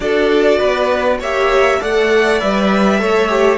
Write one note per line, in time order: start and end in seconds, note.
0.00 0.60 D4
0.00 1.21 F#4
0.00 0.58 A4
0.00 1.19 D5
0.58 1.20 B3
0.58 1.18 B4
1.19 1.80 A#3
1.19 1.80 G4
1.19 1.79 C#5
1.19 1.82 E5
1.80 2.42 A3
1.80 2.40 A4
1.80 3.00 D5
1.80 2.40 F#5
2.40 3.01 G3
2.40 2.98 B4
2.40 3.58 E5
2.98 3.58 A3
2.98 3.28 A4
2.98 3.58 C#5
3.28 3.58 G4